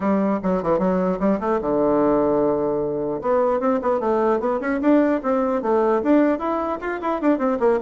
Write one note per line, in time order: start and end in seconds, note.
0.00 0.40 G3
0.42 0.62 F#3
0.62 0.78 E3
0.78 1.18 F#3
1.19 1.39 G3
1.39 1.59 A3
1.61 3.21 D3
3.21 3.60 B3
3.60 3.80 C4
3.81 4.00 B3
4.00 4.39 A3
4.39 4.59 B3
4.60 4.80 C#4
4.81 5.21 D4
5.23 5.62 C4
5.62 6.02 A3
6.02 6.38 D4
6.38 6.78 E4
6.81 7.01 F4
7.01 7.21 E4
7.21 7.38 D4
7.38 7.58 C4
7.59 7.79 A#3